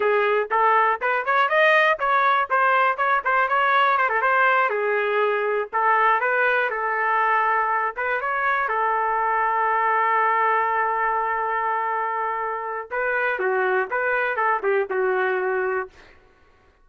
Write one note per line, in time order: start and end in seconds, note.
0.00 0.49 G#4
0.50 1.00 A4
1.01 1.25 B4
1.25 1.48 C#5
1.48 1.98 D#5
1.99 2.49 C#5
2.50 2.97 C5
2.97 3.22 C#5
3.24 3.48 C5
3.48 3.97 C#5
3.97 4.09 C5
4.09 4.21 A4
4.21 4.69 C5
4.69 5.68 G#4
5.72 6.20 A4
6.20 6.69 B4
6.70 7.94 A4
7.96 8.20 B4
8.20 8.68 C#5
8.68 12.89 A4
12.91 13.39 B4
13.39 13.88 F#4
13.90 14.36 B4
14.36 14.61 A4
14.62 14.87 G4
14.90 15.89 F#4